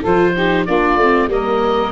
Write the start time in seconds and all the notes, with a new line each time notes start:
0.00 F3 F4 A4
0.06 C5
0.34 D#4 G4
0.65 A#3 D4 F4 D5
0.96 A3
1.02 C4
1.27 G3 A#3 A#4 D#5